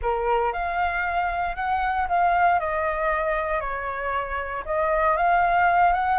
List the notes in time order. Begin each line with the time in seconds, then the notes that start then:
0.02 A#4
0.52 F5
1.55 F#5
2.08 F5
2.59 D#5
3.60 C#5
4.65 D#5
5.17 F5
5.93 F#5